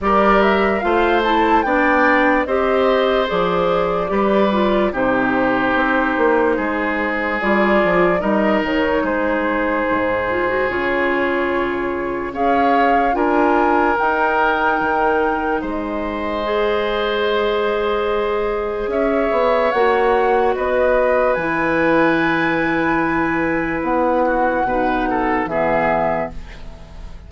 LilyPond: <<
  \new Staff \with { instrumentName = "flute" } { \time 4/4 \tempo 4 = 73 d''8 e''8 f''8 a''8 g''4 dis''4 | d''2 c''2~ | c''4 d''4 dis''8 cis''8 c''4~ | c''4 cis''2 f''4 |
gis''4 g''2 dis''4~ | dis''2. e''4 | fis''4 dis''4 gis''2~ | gis''4 fis''2 e''4 | }
  \new Staff \with { instrumentName = "oboe" } { \time 4/4 ais'4 c''4 d''4 c''4~ | c''4 b'4 g'2 | gis'2 ais'4 gis'4~ | gis'2. cis''4 |
ais'2. c''4~ | c''2. cis''4~ | cis''4 b'2.~ | b'4. fis'8 b'8 a'8 gis'4 | }
  \new Staff \with { instrumentName = "clarinet" } { \time 4/4 g'4 f'8 e'8 d'4 g'4 | gis'4 g'8 f'8 dis'2~ | dis'4 f'4 dis'2~ | dis'8 f'16 fis'16 f'2 gis'4 |
f'4 dis'2. | gis'1 | fis'2 e'2~ | e'2 dis'4 b4 | }
  \new Staff \with { instrumentName = "bassoon" } { \time 4/4 g4 a4 b4 c'4 | f4 g4 c4 c'8 ais8 | gis4 g8 f8 g8 dis8 gis4 | gis,4 cis2 cis'4 |
d'4 dis'4 dis4 gis4~ | gis2. cis'8 b8 | ais4 b4 e2~ | e4 b4 b,4 e4 | }
>>